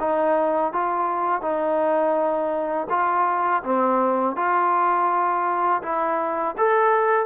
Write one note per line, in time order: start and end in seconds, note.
0.00 0.73 D#4
0.73 1.42 F4
1.42 2.88 D#4
2.90 3.63 F4
3.64 4.36 C4
4.36 5.83 F4
5.83 6.56 E4
6.58 7.26 A4